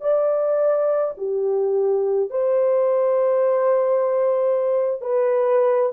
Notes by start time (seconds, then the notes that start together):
0.00 D5
1.17 G4
2.30 C5
5.01 B4